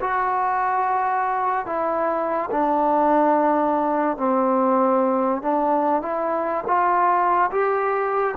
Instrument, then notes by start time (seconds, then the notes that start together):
trombone
0.00 F#4
1.66 E4
2.50 D4
4.17 C4
5.42 D4
6.02 E4
6.67 F4
7.51 G4